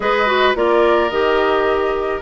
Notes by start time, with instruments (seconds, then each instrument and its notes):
0.00 bassoon G#3, clarinet G#4, oboe B4, flute D#5
0.26 clarinet F#4
0.55 bassoon A#3, clarinet F4, oboe A#4, flute D5
1.10 bassoon D#3, clarinet G4, flute D#5